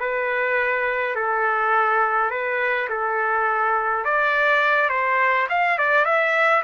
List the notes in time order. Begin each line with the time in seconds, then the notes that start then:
0.00 B4
1.15 A4
2.31 B4
2.90 A4
4.05 D5
4.90 C5
5.50 F5
5.78 D5
6.05 E5